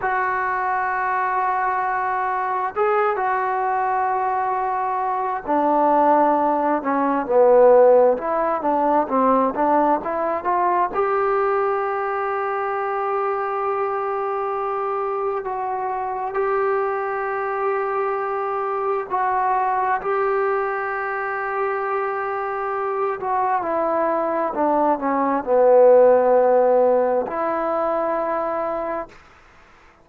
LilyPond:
\new Staff \with { instrumentName = "trombone" } { \time 4/4 \tempo 4 = 66 fis'2. gis'8 fis'8~ | fis'2 d'4. cis'8 | b4 e'8 d'8 c'8 d'8 e'8 f'8 | g'1~ |
g'4 fis'4 g'2~ | g'4 fis'4 g'2~ | g'4. fis'8 e'4 d'8 cis'8 | b2 e'2 | }